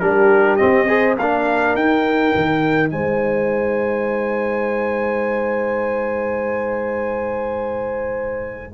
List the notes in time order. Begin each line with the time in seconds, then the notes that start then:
0.00 G3 D4 G4 A#4
0.56 C4 D#5
0.63 C4
0.88 G#4 C5
1.17 A#3 D4 A#4 F5
1.75 D#4 G5
2.35 D#3
2.90 G#3 C5 G#5